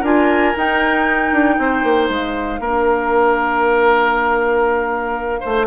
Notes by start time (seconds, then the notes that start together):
0.00 D4 F4 A#4 G#5
0.56 D#4 G5
1.32 D4
1.58 C4 C5
1.83 A#3
2.08 G#3 F5
2.59 A#3 D4 A#4
5.40 A3 C5